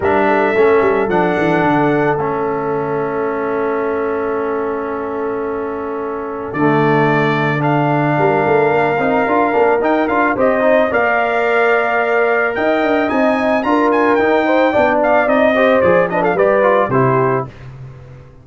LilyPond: <<
  \new Staff \with { instrumentName = "trumpet" } { \time 4/4 \tempo 4 = 110 e''2 fis''2 | e''1~ | e''1 | d''2 f''2~ |
f''2 g''8 f''8 dis''4 | f''2. g''4 | gis''4 ais''8 gis''8 g''4. f''8 | dis''4 d''8 dis''16 f''16 d''4 c''4 | }
  \new Staff \with { instrumentName = "horn" } { \time 4/4 ais'8 a'2.~ a'8~ | a'1~ | a'1~ | a'2. ais'4~ |
ais'2. c''4 | d''2. dis''4~ | dis''4 ais'4. c''8 d''4~ | d''8 c''4 b'16 a'16 b'4 g'4 | }
  \new Staff \with { instrumentName = "trombone" } { \time 4/4 d'4 cis'4 d'2 | cis'1~ | cis'1 | a2 d'2~ |
d'8 dis'8 f'8 d'8 dis'8 f'8 g'8 dis'8 | ais'1 | dis'4 f'4 dis'4 d'4 | dis'8 g'8 gis'8 d'8 g'8 f'8 e'4 | }
  \new Staff \with { instrumentName = "tuba" } { \time 4/4 g4 a8 g8 f8 e8 d4 | a1~ | a1 | d2. g8 a8 |
ais8 c'8 d'8 ais8 dis'8 d'8 c'4 | ais2. dis'8 d'8 | c'4 d'4 dis'4 b4 | c'4 f4 g4 c4 | }
>>